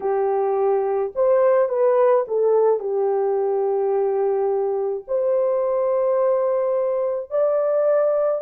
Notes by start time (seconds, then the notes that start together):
0.00 G4
1.15 C5
1.68 B4
2.27 A4
2.79 G4
5.07 C5
7.30 D5